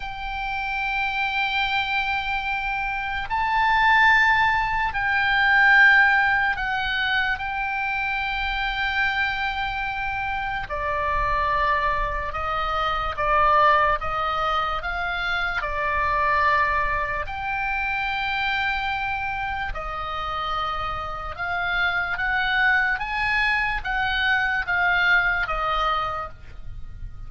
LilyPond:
\new Staff \with { instrumentName = "oboe" } { \time 4/4 \tempo 4 = 73 g''1 | a''2 g''2 | fis''4 g''2.~ | g''4 d''2 dis''4 |
d''4 dis''4 f''4 d''4~ | d''4 g''2. | dis''2 f''4 fis''4 | gis''4 fis''4 f''4 dis''4 | }